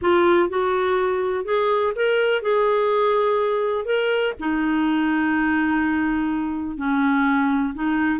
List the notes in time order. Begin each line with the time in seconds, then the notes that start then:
0.01 F4
0.49 F#4
1.45 G#4
1.95 A#4
2.41 G#4
3.85 A#4
4.39 D#4
6.77 C#4
7.74 D#4